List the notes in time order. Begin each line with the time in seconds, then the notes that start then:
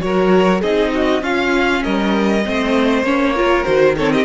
0.00 F#3 F#4 A#4 C#5
0.61 C4 D#4 G#4 D#5
0.94 F#4
1.21 C#4 F4 F5
1.83 G3 A#4 D#5
2.45 A3 C4 C5
3.03 A#3 C#4 C#5
3.35 F4 A#4
3.64 D#3 F#4 C5
3.97 C4 A4 C#5
4.12 G4 D#5